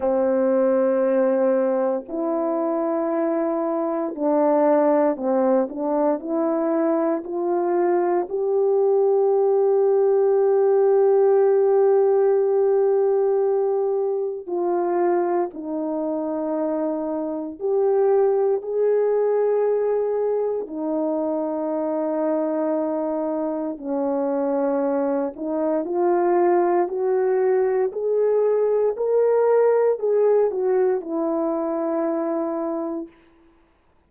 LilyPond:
\new Staff \with { instrumentName = "horn" } { \time 4/4 \tempo 4 = 58 c'2 e'2 | d'4 c'8 d'8 e'4 f'4 | g'1~ | g'2 f'4 dis'4~ |
dis'4 g'4 gis'2 | dis'2. cis'4~ | cis'8 dis'8 f'4 fis'4 gis'4 | ais'4 gis'8 fis'8 e'2 | }